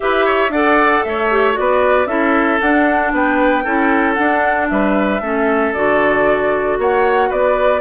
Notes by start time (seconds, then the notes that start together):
0.00 E4 G4 B4 E5
0.25 C#5
0.49 D4 A4 D5 F#5
1.03 A3 C#5 E5
1.31 G4
1.53 B3 F#4 D5
1.59 B4
2.06 C#4 E4 A4 E5
2.60 D4 F#5
3.12 B3 B4 G5
3.64 C#4 E4 A4
4.13 D4 F#5
4.68 G3 B4 E5
5.20 A3 C#4 A4
5.73 D3 F#4 D5
6.78 A#3 C#5 F#5
7.29 B3 B4 D5